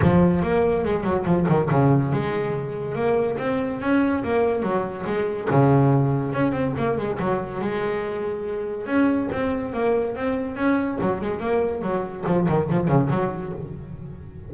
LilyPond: \new Staff \with { instrumentName = "double bass" } { \time 4/4 \tempo 4 = 142 f4 ais4 gis8 fis8 f8 dis8 | cis4 gis2 ais4 | c'4 cis'4 ais4 fis4 | gis4 cis2 cis'8 c'8 |
ais8 gis8 fis4 gis2~ | gis4 cis'4 c'4 ais4 | c'4 cis'4 fis8 gis8 ais4 | fis4 f8 dis8 f8 cis8 fis4 | }